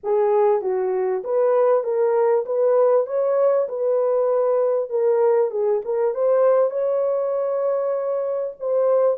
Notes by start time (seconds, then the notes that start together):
0.03 G#4
0.61 F#4
1.24 B4
1.83 A#4
2.45 B4
3.06 C#5
3.68 B4
4.89 A#4
5.50 G#4
5.85 A#4
6.14 C5
6.70 C#5
8.59 C5